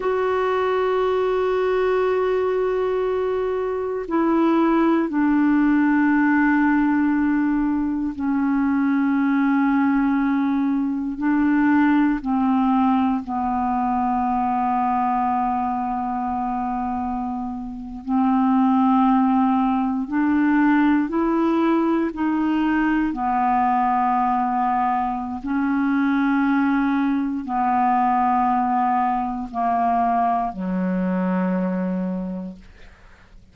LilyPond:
\new Staff \with { instrumentName = "clarinet" } { \time 4/4 \tempo 4 = 59 fis'1 | e'4 d'2. | cis'2. d'4 | c'4 b2.~ |
b4.~ b16 c'2 d'16~ | d'8. e'4 dis'4 b4~ b16~ | b4 cis'2 b4~ | b4 ais4 fis2 | }